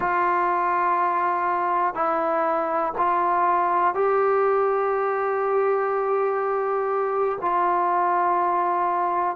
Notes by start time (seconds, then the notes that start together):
0.00 F4
1.94 E4
2.97 F4
3.94 G4
7.41 F4